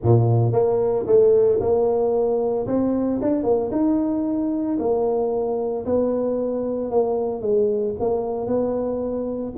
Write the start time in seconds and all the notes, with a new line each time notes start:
0.03 A#2
0.52 A#3
1.06 A3
1.60 A#3
2.66 C4
3.21 D4
3.43 A#3
3.71 D#4
4.79 A#3
5.85 B3
6.90 A#3
7.41 G#3
7.99 A#3
8.46 B3